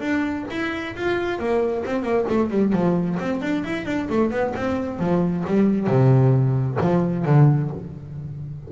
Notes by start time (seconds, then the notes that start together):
0.00 D4
0.50 E4
0.96 F4
1.39 A#3
1.85 C4
2.03 A#3
2.29 A3
2.50 G3
2.73 F3
3.20 C4
3.42 D4
3.65 E4
3.86 D4
4.09 A3
4.31 B3
4.56 C4
4.99 F3
5.47 G3
5.87 C3
6.81 F3
7.25 D3